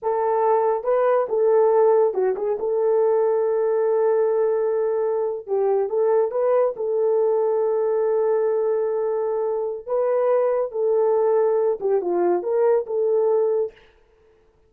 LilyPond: \new Staff \with { instrumentName = "horn" } { \time 4/4 \tempo 4 = 140 a'2 b'4 a'4~ | a'4 fis'8 gis'8 a'2~ | a'1~ | a'8. g'4 a'4 b'4 a'16~ |
a'1~ | a'2. b'4~ | b'4 a'2~ a'8 g'8 | f'4 ais'4 a'2 | }